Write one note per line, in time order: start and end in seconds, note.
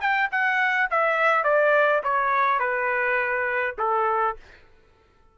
0.00 0.29 G5
0.31 0.89 F#5
0.90 1.44 E5
1.44 2.02 D5
2.03 2.59 C#5
2.59 3.75 B4
3.78 4.36 A4